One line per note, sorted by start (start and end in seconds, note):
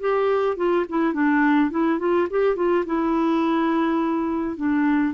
0.00 0.56 G4
0.56 0.85 F4
0.89 1.13 E4
1.13 1.70 D4
1.70 1.99 E4
1.99 2.28 F4
2.30 2.56 G4
2.56 2.84 F4
2.86 4.56 E4
4.56 5.14 D4